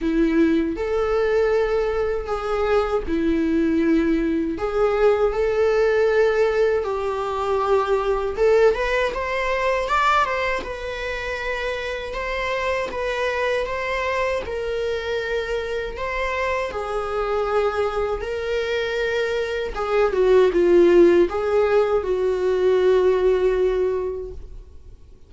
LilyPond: \new Staff \with { instrumentName = "viola" } { \time 4/4 \tempo 4 = 79 e'4 a'2 gis'4 | e'2 gis'4 a'4~ | a'4 g'2 a'8 b'8 | c''4 d''8 c''8 b'2 |
c''4 b'4 c''4 ais'4~ | ais'4 c''4 gis'2 | ais'2 gis'8 fis'8 f'4 | gis'4 fis'2. | }